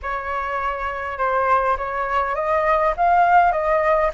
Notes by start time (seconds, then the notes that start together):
0.02 C#5
1.17 C5
1.77 C#5
2.35 D#5
2.96 F5
3.51 D#5